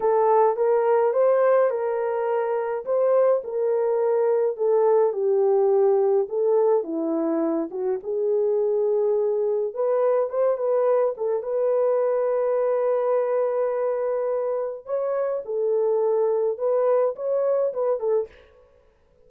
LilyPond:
\new Staff \with { instrumentName = "horn" } { \time 4/4 \tempo 4 = 105 a'4 ais'4 c''4 ais'4~ | ais'4 c''4 ais'2 | a'4 g'2 a'4 | e'4. fis'8 gis'2~ |
gis'4 b'4 c''8 b'4 a'8 | b'1~ | b'2 cis''4 a'4~ | a'4 b'4 cis''4 b'8 a'8 | }